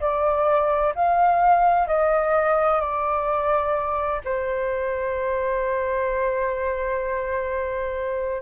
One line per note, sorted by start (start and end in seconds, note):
0.00 0.94 D5
0.95 1.87 F5
1.87 2.81 D#5
2.81 4.21 D5
4.24 8.42 C5